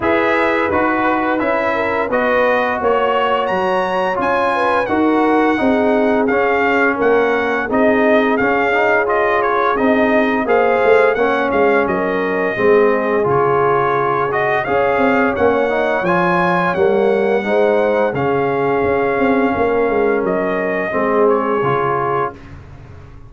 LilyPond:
<<
  \new Staff \with { instrumentName = "trumpet" } { \time 4/4 \tempo 4 = 86 e''4 b'4 e''4 dis''4 | cis''4 ais''4 gis''4 fis''4~ | fis''4 f''4 fis''4 dis''4 | f''4 dis''8 cis''8 dis''4 f''4 |
fis''8 f''8 dis''2 cis''4~ | cis''8 dis''8 f''4 fis''4 gis''4 | fis''2 f''2~ | f''4 dis''4. cis''4. | }
  \new Staff \with { instrumentName = "horn" } { \time 4/4 b'2~ b'8 ais'8 b'4 | cis''2~ cis''8 b'8 ais'4 | gis'2 ais'4 gis'4~ | gis'2. c''4 |
cis''4 ais'4 gis'2~ | gis'4 cis''2.~ | cis''4 c''4 gis'2 | ais'2 gis'2 | }
  \new Staff \with { instrumentName = "trombone" } { \time 4/4 gis'4 fis'4 e'4 fis'4~ | fis'2 f'4 fis'4 | dis'4 cis'2 dis'4 | cis'8 dis'8 f'4 dis'4 gis'4 |
cis'2 c'4 f'4~ | f'8 fis'8 gis'4 cis'8 dis'8 f'4 | ais4 dis'4 cis'2~ | cis'2 c'4 f'4 | }
  \new Staff \with { instrumentName = "tuba" } { \time 4/4 e'4 dis'4 cis'4 b4 | ais4 fis4 cis'4 dis'4 | c'4 cis'4 ais4 c'4 | cis'2 c'4 ais8 a8 |
ais8 gis8 fis4 gis4 cis4~ | cis4 cis'8 c'8 ais4 f4 | g4 gis4 cis4 cis'8 c'8 | ais8 gis8 fis4 gis4 cis4 | }
>>